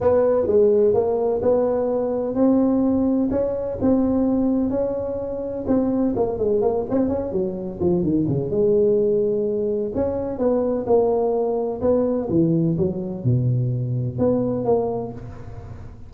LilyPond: \new Staff \with { instrumentName = "tuba" } { \time 4/4 \tempo 4 = 127 b4 gis4 ais4 b4~ | b4 c'2 cis'4 | c'2 cis'2 | c'4 ais8 gis8 ais8 c'8 cis'8 fis8~ |
fis8 f8 dis8 cis8 gis2~ | gis4 cis'4 b4 ais4~ | ais4 b4 e4 fis4 | b,2 b4 ais4 | }